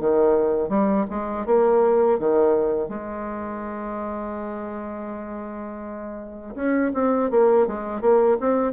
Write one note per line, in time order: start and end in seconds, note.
0.00 0.69 D#3
0.69 1.06 G3
1.10 1.46 G#3
1.46 2.19 A#3
2.20 2.89 D#3
2.89 6.55 G#3
6.55 6.92 C#4
6.94 7.31 C4
7.31 7.67 A#3
7.67 8.01 G#3
8.01 8.38 A#3
8.40 8.73 C4